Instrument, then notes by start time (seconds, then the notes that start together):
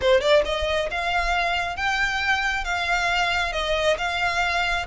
violin
0.01 C5
0.20 D5
0.45 D#5
0.90 F5
1.76 G5
2.64 F5
3.52 D#5
3.97 F5